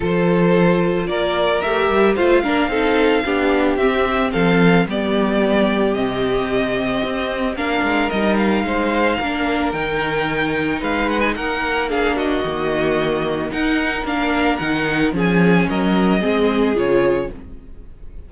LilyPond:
<<
  \new Staff \with { instrumentName = "violin" } { \time 4/4 \tempo 4 = 111 c''2 d''4 e''4 | f''2. e''4 | f''4 d''2 dis''4~ | dis''2 f''4 dis''8 f''8~ |
f''2 g''2 | f''8 fis''16 gis''16 fis''4 f''8 dis''4.~ | dis''4 fis''4 f''4 fis''4 | gis''4 dis''2 cis''4 | }
  \new Staff \with { instrumentName = "violin" } { \time 4/4 a'2 ais'2 | c''8 ais'8 a'4 g'2 | a'4 g'2.~ | g'2 ais'2 |
c''4 ais'2. | b'4 ais'4 gis'8 fis'4.~ | fis'4 ais'2. | gis'4 ais'4 gis'2 | }
  \new Staff \with { instrumentName = "viola" } { \time 4/4 f'2. g'4 | f'8 d'8 dis'4 d'4 c'4~ | c'4 b2 c'4~ | c'2 d'4 dis'4~ |
dis'4 d'4 dis'2~ | dis'2 d'4 ais4~ | ais4 dis'4 d'4 dis'4 | cis'2 c'4 f'4 | }
  \new Staff \with { instrumentName = "cello" } { \time 4/4 f2 ais4 a8 g8 | a8 ais8 c'4 b4 c'4 | f4 g2 c4~ | c4 c'4 ais8 gis8 g4 |
gis4 ais4 dis2 | gis4 ais2 dis4~ | dis4 dis'4 ais4 dis4 | f4 fis4 gis4 cis4 | }
>>